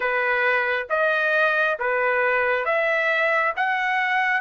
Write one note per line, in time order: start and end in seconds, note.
0.00 0.87 B4
0.89 1.78 D#5
1.79 2.65 B4
2.65 3.53 E5
3.56 4.40 F#5